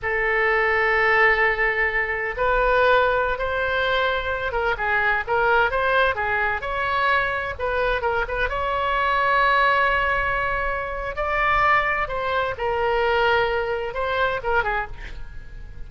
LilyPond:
\new Staff \with { instrumentName = "oboe" } { \time 4/4 \tempo 4 = 129 a'1~ | a'4 b'2~ b'16 c''8.~ | c''4.~ c''16 ais'8 gis'4 ais'8.~ | ais'16 c''4 gis'4 cis''4.~ cis''16~ |
cis''16 b'4 ais'8 b'8 cis''4.~ cis''16~ | cis''1 | d''2 c''4 ais'4~ | ais'2 c''4 ais'8 gis'8 | }